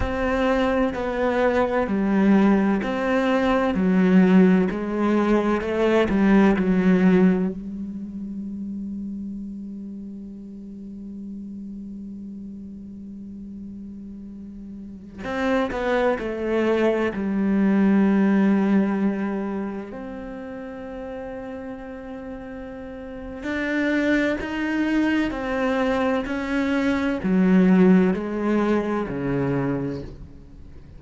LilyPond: \new Staff \with { instrumentName = "cello" } { \time 4/4 \tempo 4 = 64 c'4 b4 g4 c'4 | fis4 gis4 a8 g8 fis4 | g1~ | g1~ |
g16 c'8 b8 a4 g4.~ g16~ | g4~ g16 c'2~ c'8.~ | c'4 d'4 dis'4 c'4 | cis'4 fis4 gis4 cis4 | }